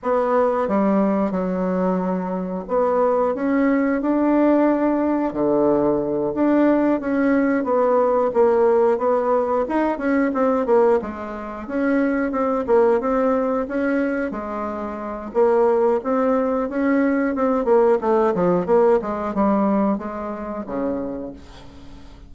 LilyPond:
\new Staff \with { instrumentName = "bassoon" } { \time 4/4 \tempo 4 = 90 b4 g4 fis2 | b4 cis'4 d'2 | d4. d'4 cis'4 b8~ | b8 ais4 b4 dis'8 cis'8 c'8 |
ais8 gis4 cis'4 c'8 ais8 c'8~ | c'8 cis'4 gis4. ais4 | c'4 cis'4 c'8 ais8 a8 f8 | ais8 gis8 g4 gis4 cis4 | }